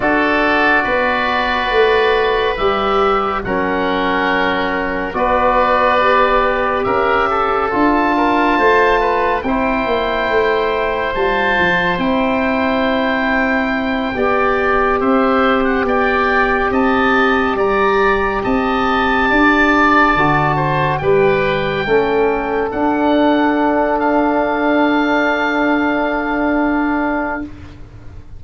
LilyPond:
<<
  \new Staff \with { instrumentName = "oboe" } { \time 4/4 \tempo 4 = 70 d''2. e''4 | fis''2 d''2 | e''4 a''2 g''4~ | g''4 a''4 g''2~ |
g''4. e''8. fis''16 g''4 a''8~ | a''8 ais''4 a''2~ a''8~ | a''8 g''2 fis''4. | f''1 | }
  \new Staff \with { instrumentName = "oboe" } { \time 4/4 a'4 b'2. | ais'2 b'2 | ais'8 a'4 ais'8 c''8 b'8 c''4~ | c''1~ |
c''8 d''4 c''4 d''4 dis''8~ | dis''8 d''4 dis''4 d''4. | c''8 b'4 a'2~ a'8~ | a'1 | }
  \new Staff \with { instrumentName = "trombone" } { \time 4/4 fis'2. g'4 | cis'2 fis'4 g'4~ | g'4 f'2 e'4~ | e'4 f'4 e'2~ |
e'8 g'2.~ g'8~ | g'2.~ g'8 fis'8~ | fis'8 g'4 cis'4 d'4.~ | d'1 | }
  \new Staff \with { instrumentName = "tuba" } { \time 4/4 d'4 b4 a4 g4 | fis2 b2 | cis'4 d'4 a4 c'8 ais8 | a4 g8 f8 c'2~ |
c'8 b4 c'4 b4 c'8~ | c'8 g4 c'4 d'4 d8~ | d8 g4 a4 d'4.~ | d'1 | }
>>